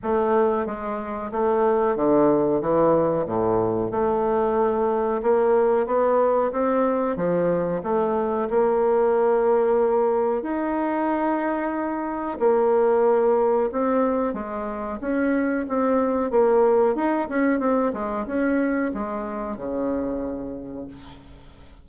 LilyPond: \new Staff \with { instrumentName = "bassoon" } { \time 4/4 \tempo 4 = 92 a4 gis4 a4 d4 | e4 a,4 a2 | ais4 b4 c'4 f4 | a4 ais2. |
dis'2. ais4~ | ais4 c'4 gis4 cis'4 | c'4 ais4 dis'8 cis'8 c'8 gis8 | cis'4 gis4 cis2 | }